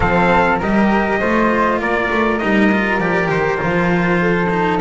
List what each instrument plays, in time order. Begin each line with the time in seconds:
0.00 double bass F3, cello C4, flute A4, trumpet F5
0.58 double bass G3, cello G4, flute A#4, trumpet D#5
1.20 double bass A3, cello F4, flute C5
1.79 double bass A#3, flute A#4, trumpet D5
2.10 double bass A3
2.38 double bass G3, cello D#4, trumpet D#5
2.71 cello F4
2.98 double bass F3, cello G4, trumpet D5
3.28 double bass D#3, trumpet C5
3.57 double bass F3, cello F4
4.21 flute A4
4.49 cello D#4